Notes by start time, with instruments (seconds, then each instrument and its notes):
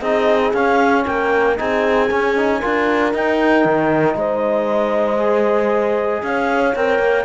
0.00 cello C4, trombone D#4, horn G#4, clarinet D#5
0.53 cello C#4, trombone C#4, clarinet F5
1.05 cello A#3, horn A#4, clarinet G5
1.56 cello C4, trombone D#4, horn G#4, clarinet G#5
2.10 trombone C#4, cello C#4
2.36 trombone D#4
2.60 cello D4, trombone F4, horn A#4
3.12 trombone D#4, cello D#4, clarinet G5
3.65 cello D#3
4.15 cello G#3, horn C5, clarinet D#5
5.18 trombone G#4
6.23 cello C#4, horn C#5, clarinet F5
6.75 cello C4, trombone A#4, clarinet G5
6.99 cello A#3